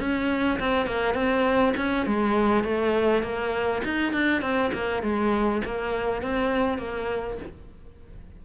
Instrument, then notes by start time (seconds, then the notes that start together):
cello
0.00 C#4
0.60 C4
0.86 A#3
1.14 C4
1.77 C#4
2.07 G#3
2.64 A3
3.23 A#3
3.84 D#4
4.13 D4
4.42 C4
4.74 A#3
5.03 G#3
5.65 A#3
6.23 C4
6.79 A#3